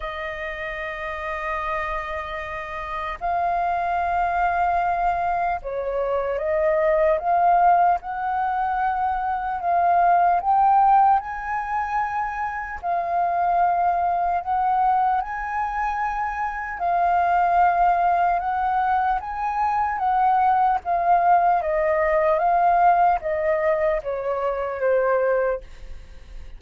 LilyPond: \new Staff \with { instrumentName = "flute" } { \time 4/4 \tempo 4 = 75 dis''1 | f''2. cis''4 | dis''4 f''4 fis''2 | f''4 g''4 gis''2 |
f''2 fis''4 gis''4~ | gis''4 f''2 fis''4 | gis''4 fis''4 f''4 dis''4 | f''4 dis''4 cis''4 c''4 | }